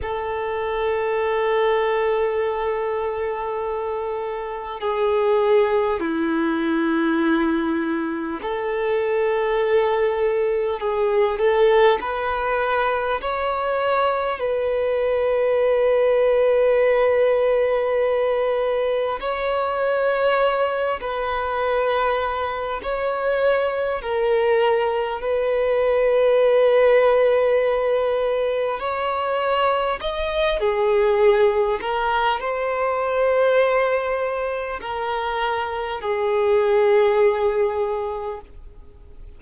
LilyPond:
\new Staff \with { instrumentName = "violin" } { \time 4/4 \tempo 4 = 50 a'1 | gis'4 e'2 a'4~ | a'4 gis'8 a'8 b'4 cis''4 | b'1 |
cis''4. b'4. cis''4 | ais'4 b'2. | cis''4 dis''8 gis'4 ais'8 c''4~ | c''4 ais'4 gis'2 | }